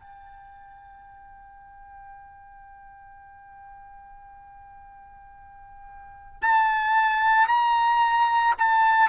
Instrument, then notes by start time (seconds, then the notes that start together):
trumpet
0.00 G5
6.42 A5
7.48 A#5
8.59 A5